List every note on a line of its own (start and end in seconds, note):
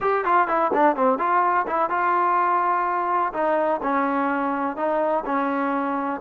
0.00 0.24 G4
0.24 0.47 F4
0.47 0.71 E4
0.73 0.96 D4
0.96 1.18 C4
1.18 1.66 F4
1.67 1.89 E4
1.89 3.32 F4
3.33 3.81 D#4
3.82 4.76 C#4
4.76 5.24 D#4
5.25 6.20 C#4